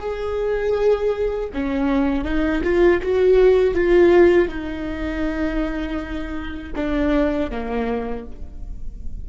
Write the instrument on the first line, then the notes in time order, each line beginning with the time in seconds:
viola
0.00 G#4
1.54 C#4
2.25 D#4
2.64 F4
3.02 F#4
3.75 F4
4.49 D#4
6.76 D4
7.51 A#3